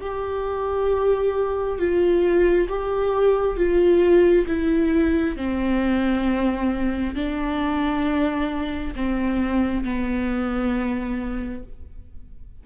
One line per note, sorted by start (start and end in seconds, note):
0.00 1.78 G4
1.78 2.68 F4
2.68 3.56 G4
3.56 4.46 F4
4.47 5.36 E4
5.36 7.15 C4
7.15 8.94 D4
8.95 9.84 C4
9.84 11.63 B3